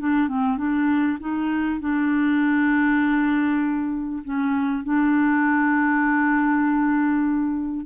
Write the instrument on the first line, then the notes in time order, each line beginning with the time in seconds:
clarinet
0.00 D4
0.29 C4
0.58 D4
1.20 D#4
1.81 D4
4.25 C#4
4.84 D4